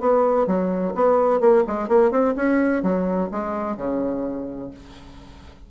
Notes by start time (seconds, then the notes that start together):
0.00 B3
0.47 F#3
0.95 B3
1.40 A#3
1.67 G#3
1.89 A#3
2.11 C4
2.36 C#4
2.83 F#3
3.31 G#3
3.77 C#3